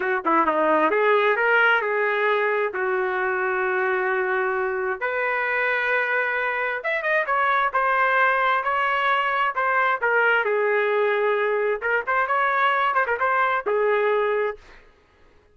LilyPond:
\new Staff \with { instrumentName = "trumpet" } { \time 4/4 \tempo 4 = 132 fis'8 e'8 dis'4 gis'4 ais'4 | gis'2 fis'2~ | fis'2. b'4~ | b'2. e''8 dis''8 |
cis''4 c''2 cis''4~ | cis''4 c''4 ais'4 gis'4~ | gis'2 ais'8 c''8 cis''4~ | cis''8 c''16 ais'16 c''4 gis'2 | }